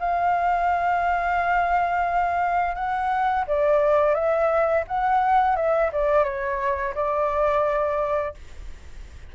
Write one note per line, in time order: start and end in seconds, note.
0.00 2.75 F5
2.75 3.45 F#5
3.48 4.15 D5
4.15 4.85 E5
4.88 5.56 F#5
5.56 5.91 E5
5.93 6.24 D5
6.24 6.94 C#5
6.95 8.35 D5